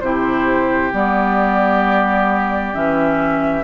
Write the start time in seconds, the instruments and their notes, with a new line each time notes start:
0.00 bassoon C3, clarinet E4, oboe G4, flute C5
0.92 bassoon G3, clarinet B3, flute D5
2.73 bassoon E3, clarinet C#4, flute E5